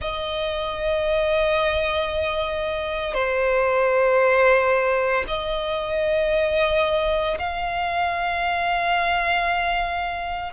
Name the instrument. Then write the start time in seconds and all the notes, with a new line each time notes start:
violin
0.01 D#5
3.13 C5
5.27 D#5
7.38 F5